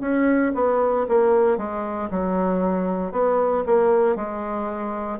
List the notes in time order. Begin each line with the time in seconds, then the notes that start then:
0.00 C#4
0.55 B3
1.09 A#3
1.57 G#3
2.10 F#3
3.12 B3
3.66 A#3
4.15 G#3